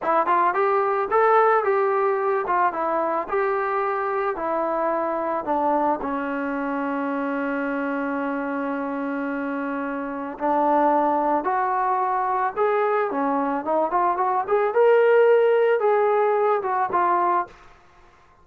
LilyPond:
\new Staff \with { instrumentName = "trombone" } { \time 4/4 \tempo 4 = 110 e'8 f'8 g'4 a'4 g'4~ | g'8 f'8 e'4 g'2 | e'2 d'4 cis'4~ | cis'1~ |
cis'2. d'4~ | d'4 fis'2 gis'4 | cis'4 dis'8 f'8 fis'8 gis'8 ais'4~ | ais'4 gis'4. fis'8 f'4 | }